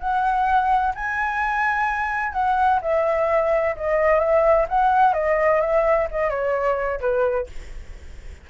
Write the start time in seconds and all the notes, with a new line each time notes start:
0.00 F#5
0.95 G#5
2.33 F#5
2.82 E5
3.76 D#5
4.20 E5
4.69 F#5
5.14 D#5
5.61 E5
6.11 D#5
6.30 C#5
7.00 B4